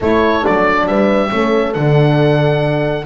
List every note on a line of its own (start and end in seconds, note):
0.00 0.44 A3
0.00 0.42 E4
0.00 0.85 A4
0.00 0.45 C#5
0.42 0.86 F#3
0.42 1.29 D4
0.42 0.87 D5
0.86 1.30 G3
0.86 1.31 B4
0.86 1.73 E5
1.29 1.75 A3
1.29 1.73 C#4
1.29 3.05 A4
1.73 3.05 D3
1.73 3.05 D4
1.73 3.05 F#5